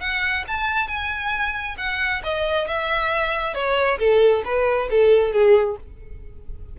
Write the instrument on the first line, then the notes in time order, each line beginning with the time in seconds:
violin
0.00 F#5
0.47 A5
0.87 G#5
1.77 F#5
2.23 D#5
2.67 E5
3.54 C#5
3.98 A4
4.44 B4
4.90 A4
5.32 G#4